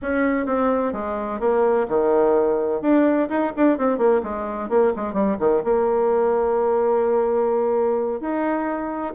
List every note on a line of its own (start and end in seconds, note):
0.01 0.46 C#4
0.46 0.92 C4
0.93 1.39 G#3
1.40 1.86 A#3
1.88 2.81 D#3
2.81 3.28 D4
3.29 3.52 D#4
3.56 3.78 D4
3.78 3.98 C4
3.98 4.21 A#3
4.23 4.69 G#3
4.69 4.92 A#3
4.95 5.13 G#3
5.13 5.36 G3
5.39 5.62 D#3
5.64 8.20 A#3
8.20 9.14 D#4